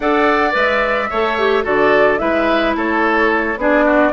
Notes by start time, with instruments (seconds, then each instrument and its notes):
0.00 bassoon D4, clarinet A4, oboe D5, flute F#5
0.51 bassoon G#3, clarinet B4, flute E5
1.10 bassoon A3, clarinet A4, oboe C#5
1.38 clarinet G4
1.63 bassoon D3, clarinet F#4, oboe A4, flute D5
2.18 bassoon G#3, clarinet E4, oboe B4, flute E5
2.75 bassoon A3, oboe A4, flute C#5
3.56 bassoon B3, clarinet D4, oboe G#4, flute D5
3.85 oboe F#4